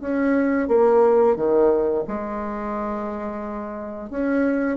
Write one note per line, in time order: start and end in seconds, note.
0.00 0.68 C#4
0.68 1.36 A#3
1.36 2.04 D#3
2.07 4.09 G#3
4.09 4.77 C#4